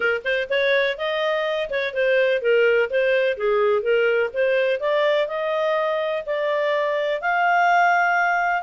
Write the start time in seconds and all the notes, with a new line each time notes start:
0.00 A#4
0.24 C5
0.49 C#5
0.97 D#5
1.69 C#5
1.93 C5
2.41 A#4
2.90 C5
3.37 G#4
3.82 A#4
4.33 C5
4.80 D5
5.27 D#5
6.26 D5
7.21 F5